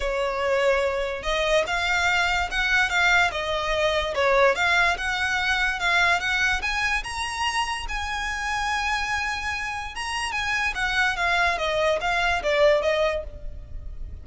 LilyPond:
\new Staff \with { instrumentName = "violin" } { \time 4/4 \tempo 4 = 145 cis''2. dis''4 | f''2 fis''4 f''4 | dis''2 cis''4 f''4 | fis''2 f''4 fis''4 |
gis''4 ais''2 gis''4~ | gis''1 | ais''4 gis''4 fis''4 f''4 | dis''4 f''4 d''4 dis''4 | }